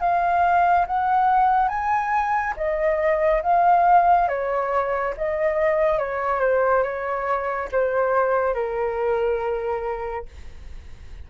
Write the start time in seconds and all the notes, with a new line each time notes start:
0.00 F5
0.86 F#5
1.68 G#5
2.56 D#5
3.42 F5
4.28 C#5
5.17 D#5
5.98 C#5
6.40 C5
6.83 C#5
7.72 C5
8.54 A#4